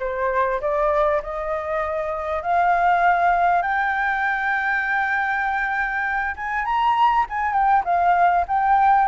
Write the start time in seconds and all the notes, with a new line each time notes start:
0.00 C5
0.61 D5
1.23 D#5
2.43 F5
3.63 G5
6.36 G#5
6.65 A#5
7.29 G#5
7.53 G5
7.85 F5
8.48 G5